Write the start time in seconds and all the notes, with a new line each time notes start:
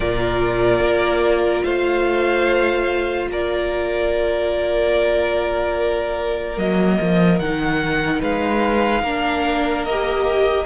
0.00 A#2 F4 A#4 D5
0.80 A#3
1.63 A3 C5 F5
3.28 A#3 A#4 D5
6.56 F#3 A#3 D#5
7.01 F3
7.39 D#3 D#4 F#5
8.20 G#3 B4 F5
9.02 A#3 D4 A#4
9.84 G4 D#5